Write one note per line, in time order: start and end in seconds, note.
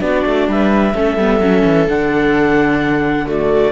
0.00 0.24 B3
0.00 0.93 D4
0.00 0.49 F#4
0.00 0.48 D5
0.25 0.48 A3
0.48 0.94 G3
0.48 0.94 B4
0.48 1.89 E5
0.94 1.17 A3
0.94 1.19 C#4
0.94 3.27 A4
1.17 1.39 G3
1.17 1.41 B3
1.39 1.62 F#3
1.39 1.88 C#4
1.65 1.87 E3
1.87 3.72 D3
1.87 3.26 D4
1.87 3.28 F#5
3.26 3.72 A3
3.26 3.72 F#4
3.26 3.72 D5